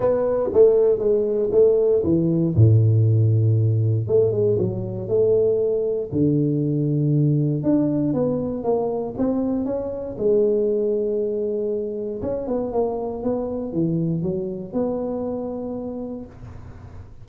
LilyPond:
\new Staff \with { instrumentName = "tuba" } { \time 4/4 \tempo 4 = 118 b4 a4 gis4 a4 | e4 a,2. | a8 gis8 fis4 a2 | d2. d'4 |
b4 ais4 c'4 cis'4 | gis1 | cis'8 b8 ais4 b4 e4 | fis4 b2. | }